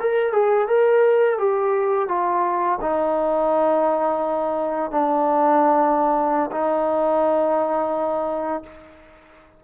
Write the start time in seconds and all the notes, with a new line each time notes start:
0.00 A#4
0.32 G#4
0.68 A#4
1.38 G4
2.08 F4
2.81 D#4
4.91 D4
6.51 D#4